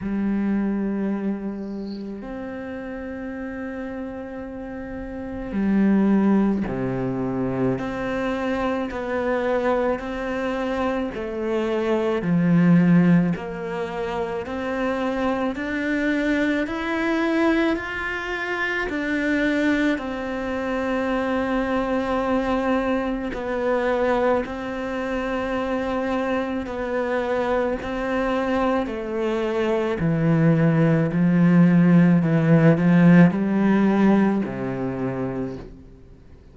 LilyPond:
\new Staff \with { instrumentName = "cello" } { \time 4/4 \tempo 4 = 54 g2 c'2~ | c'4 g4 c4 c'4 | b4 c'4 a4 f4 | ais4 c'4 d'4 e'4 |
f'4 d'4 c'2~ | c'4 b4 c'2 | b4 c'4 a4 e4 | f4 e8 f8 g4 c4 | }